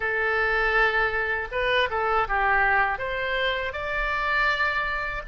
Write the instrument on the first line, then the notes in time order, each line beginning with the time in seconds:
oboe
0.00 A4
1.51 B4
1.90 A4
2.27 G4
2.98 C5
3.72 D5